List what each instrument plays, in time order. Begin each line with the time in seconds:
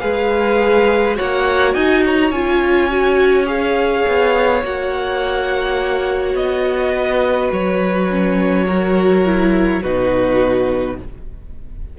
0.00 cello G#3, viola G#4, violin B4 F5
1.15 cello A#3, viola F#4, violin C#5 F#5
1.74 cello D#4, violin D#5 G#5
2.05 violin C#5 A#5
2.31 cello C#4, viola F4, violin G#5
2.91 viola F#4
3.46 viola G#4, violin F5
4.08 cello B3
4.63 cello A#3, viola F#4, violin F#5
6.34 cello B3, violin D#5
6.92 violin B4
7.52 cello F#3, violin C#5
8.09 viola C#4
8.67 viola F#4, violin A#4
9.26 viola E4
9.82 cello B2, viola D#4, violin F#4 B4